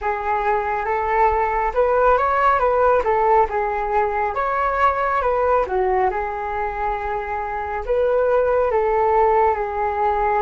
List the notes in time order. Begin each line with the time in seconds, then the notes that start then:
0.01 G#4
0.85 A4
1.74 B4
2.17 C#5
2.59 B4
3.04 A4
3.49 G#4
4.34 C#5
5.21 B4
5.66 F#4
6.10 G#4
7.85 B4
8.71 A4
9.55 G#4